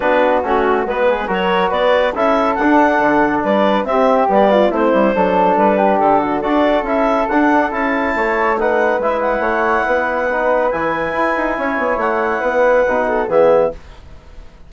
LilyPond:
<<
  \new Staff \with { instrumentName = "clarinet" } { \time 4/4 \tempo 4 = 140 b'4 fis'4 b'4 cis''4 | d''4 e''4 fis''2 | d''4 e''4 d''4 c''4~ | c''4 b'4 a'4 d''4 |
e''4 fis''4 a''2 | fis''4 e''8 fis''2~ fis''8~ | fis''4 gis''2. | fis''2. e''4 | }
  \new Staff \with { instrumentName = "flute" } { \time 4/4 fis'2~ fis'8 gis'8 ais'4 | b'4 a'2. | b'4 g'4. f'8 e'4 | a'4. g'4 fis'8 a'4~ |
a'2. cis''4 | b'2 cis''4 b'4~ | b'2. cis''4~ | cis''4 b'4. a'8 gis'4 | }
  \new Staff \with { instrumentName = "trombone" } { \time 4/4 d'4 cis'4 b4 fis'4~ | fis'4 e'4 d'2~ | d'4 c'4 b4 c'4 | d'2. fis'4 |
e'4 d'4 e'2 | dis'4 e'2. | dis'4 e'2.~ | e'2 dis'4 b4 | }
  \new Staff \with { instrumentName = "bassoon" } { \time 4/4 b4 a4 gis4 fis4 | b4 cis'4 d'4 d4 | g4 c'4 g4 a8 g8 | fis4 g4 d4 d'4 |
cis'4 d'4 cis'4 a4~ | a4 gis4 a4 b4~ | b4 e4 e'8 dis'8 cis'8 b8 | a4 b4 b,4 e4 | }
>>